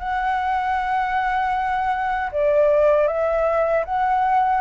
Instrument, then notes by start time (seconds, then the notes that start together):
flute
0.00 F#5
2.32 D5
3.08 E5
3.85 F#5